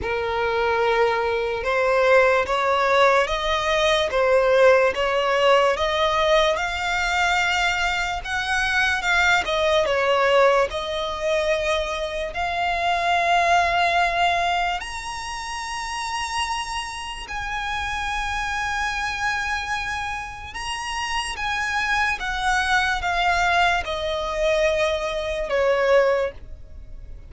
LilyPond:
\new Staff \with { instrumentName = "violin" } { \time 4/4 \tempo 4 = 73 ais'2 c''4 cis''4 | dis''4 c''4 cis''4 dis''4 | f''2 fis''4 f''8 dis''8 | cis''4 dis''2 f''4~ |
f''2 ais''2~ | ais''4 gis''2.~ | gis''4 ais''4 gis''4 fis''4 | f''4 dis''2 cis''4 | }